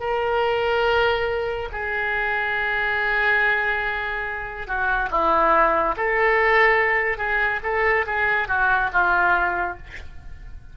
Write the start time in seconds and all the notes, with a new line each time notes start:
0.00 A#4
1.72 G#4
4.67 F#4
5.11 E4
5.97 A4
7.18 G#4
7.64 A4
8.07 G#4
8.48 F#4
8.93 F4